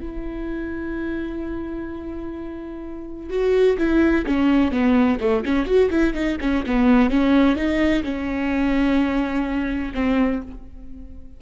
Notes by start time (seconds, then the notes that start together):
0.00 E4
3.30 F#4
3.78 E4
4.26 C#4
4.71 B3
5.20 A3
5.45 C#4
5.66 F#4
5.90 E4
6.14 D#4
6.41 C#4
6.66 B3
7.10 C#4
7.56 D#4
8.03 C#4
9.94 C4